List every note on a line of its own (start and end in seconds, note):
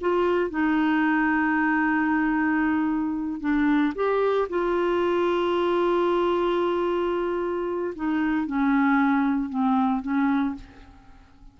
0.00 0.50 F4
0.50 3.40 D#4
3.40 3.93 D4
3.95 4.48 G4
4.49 7.94 F4
7.95 8.46 D#4
8.46 9.49 C#4
9.49 10.01 C4
10.01 10.54 C#4